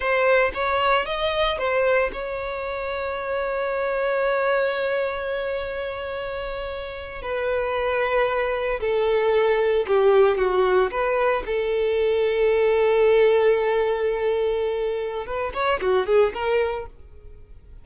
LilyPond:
\new Staff \with { instrumentName = "violin" } { \time 4/4 \tempo 4 = 114 c''4 cis''4 dis''4 c''4 | cis''1~ | cis''1~ | cis''4.~ cis''16 b'2~ b'16~ |
b'8. a'2 g'4 fis'16~ | fis'8. b'4 a'2~ a'16~ | a'1~ | a'4 b'8 cis''8 fis'8 gis'8 ais'4 | }